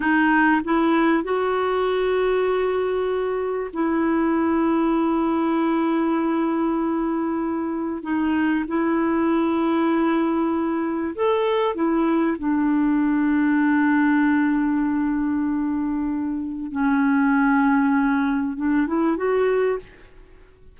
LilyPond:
\new Staff \with { instrumentName = "clarinet" } { \time 4/4 \tempo 4 = 97 dis'4 e'4 fis'2~ | fis'2 e'2~ | e'1~ | e'4 dis'4 e'2~ |
e'2 a'4 e'4 | d'1~ | d'2. cis'4~ | cis'2 d'8 e'8 fis'4 | }